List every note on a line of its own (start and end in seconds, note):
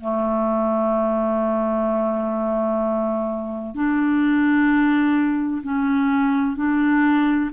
0.00 3.74 A3
3.74 5.62 D4
5.62 6.56 C#4
6.56 7.50 D4